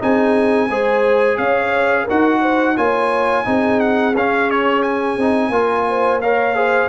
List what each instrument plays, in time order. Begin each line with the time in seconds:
0.00 tuba C4, trombone D#4, horn G#4, trumpet G#5
0.69 tuba G#3, trombone G#4, horn C5
1.38 tuba C#4, horn C#5, trumpet F5
2.04 tuba D#4, trombone F#4, horn A#4, trumpet F#5
2.41 horn C5
2.76 tuba A#3, trombone F4, horn C#5, trumpet G#5
3.45 tuba C4, trombone D#4, horn G#4
3.80 trumpet F#5
4.14 tuba C#4, trombone C#4, trumpet F5
4.50 trumpet C#5
4.83 trumpet G#5
5.17 tuba C4, trombone D#4
5.49 tuba A#3, trombone F4, horn A#4
5.88 horn C5
6.21 trombone A#4, horn C#5, trumpet F5
6.55 trombone G#4, horn C5